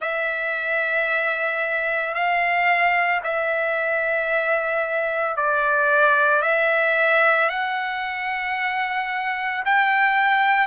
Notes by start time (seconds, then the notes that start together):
0.00 E5
2.14 F5
3.23 E5
5.36 D5
6.41 E5
7.49 F#5
9.65 G5